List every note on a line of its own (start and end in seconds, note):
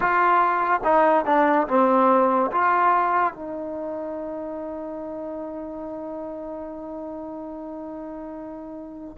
0.00 0.81 F4
0.83 1.25 D#4
1.25 1.67 D4
1.67 2.50 C4
2.51 3.33 F4
3.33 9.17 D#4